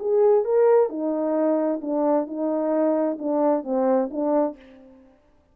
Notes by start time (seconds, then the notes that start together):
0.00 G#4
0.45 A#4
0.90 D#4
1.82 D4
2.27 D#4
3.19 D4
3.64 C4
4.11 D4